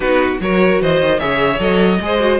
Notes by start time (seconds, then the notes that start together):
0.00 B3 D#4 F#4 B4
0.40 F#3 F#4 A#4 C#5
0.81 E3 C5 D#5
1.00 D#3
1.18 C#3 G#4 C#5 E5
1.59 F#3 A4 D#5
2.00 G#3 G#4 C5
2.20 F#4